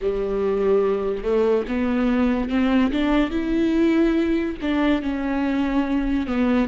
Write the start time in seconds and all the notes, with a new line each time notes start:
0.01 G3
1.23 A3
1.68 B3
2.49 C4
2.91 D4
3.30 E4
4.61 D4
5.02 C#4
6.27 B3